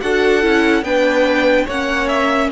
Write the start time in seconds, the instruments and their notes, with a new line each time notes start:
0.00 cello D4, viola F#4, violin A4 F#5
0.41 cello C#4, viola E4
0.82 cello B3, viola D4, violin B4 G5
1.65 cello A#3, viola C#4, violin C#5 F#5
2.08 violin E5